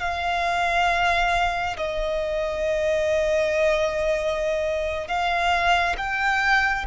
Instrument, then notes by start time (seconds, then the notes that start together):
violin
0.00 F5
1.76 D#5
5.07 F5
5.97 G5